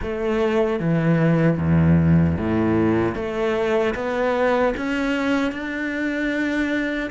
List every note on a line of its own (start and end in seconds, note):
0.02 0.79 A3
0.79 1.57 E3
1.57 2.36 E2
2.38 3.15 A2
3.15 3.94 A3
3.95 4.74 B3
4.76 5.52 C#4
5.52 7.09 D4